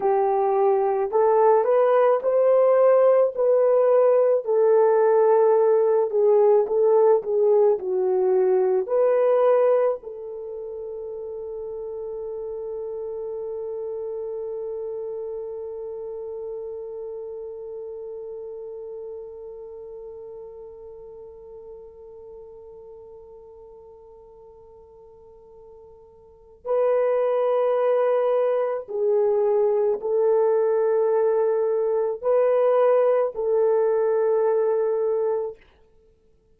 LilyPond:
\new Staff \with { instrumentName = "horn" } { \time 4/4 \tempo 4 = 54 g'4 a'8 b'8 c''4 b'4 | a'4. gis'8 a'8 gis'8 fis'4 | b'4 a'2.~ | a'1~ |
a'1~ | a'1 | b'2 gis'4 a'4~ | a'4 b'4 a'2 | }